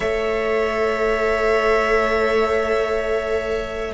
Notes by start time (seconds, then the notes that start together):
0.00 A3 A4 C#5 E5